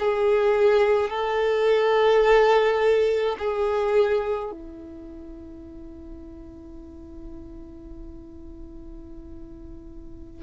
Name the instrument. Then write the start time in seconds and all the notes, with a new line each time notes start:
violin
0.00 G#4
1.11 A4
3.39 G#4
4.52 E4